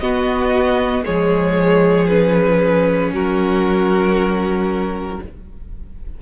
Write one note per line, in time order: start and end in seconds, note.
0.00 1.04 B3
0.00 1.05 F#4
0.00 1.03 D#5
1.04 3.12 F3
1.04 2.08 G#3
1.04 3.12 G#4
1.04 2.08 C#5
2.08 5.20 C#4
2.08 3.11 B4
3.12 5.19 F#3
3.12 5.19 F#4
3.12 5.22 A#4